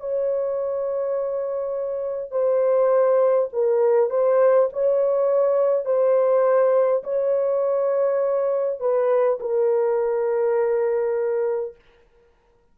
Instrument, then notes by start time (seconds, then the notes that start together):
horn
0.00 C#5
2.32 C5
3.53 A#4
4.11 C5
4.73 C#5
5.86 C5
7.04 C#5
8.80 B4
9.40 A#4